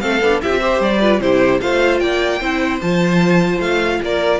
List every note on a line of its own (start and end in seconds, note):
0.00 0.21 A3
0.00 0.20 C4
0.00 0.43 A4
0.00 0.40 F5
0.21 0.41 B3
0.21 0.43 D4
0.42 0.80 C4
0.42 0.50 E4
0.42 0.61 G4
0.42 0.82 E5
0.50 0.60 F4
0.61 1.01 G4
0.61 1.01 C5
0.80 1.20 G3
0.80 1.21 D5
1.01 1.21 F4
1.01 1.21 B4
1.20 1.60 C3
1.20 1.60 E4
1.20 1.61 G4
1.20 1.61 C5
1.60 2.01 A3
1.60 2.40 F4
1.60 2.01 C5
1.60 1.99 F5
1.99 2.41 A#3
1.99 2.40 D5
1.99 2.79 G5
2.40 2.81 C4
2.40 2.81 E4
2.40 4.00 C5
2.82 3.60 F3
2.82 4.40 F4
2.82 3.61 A5
3.60 4.00 A3
3.60 4.01 F5
4.03 4.40 A#3
4.03 4.40 A#4
4.03 4.40 D5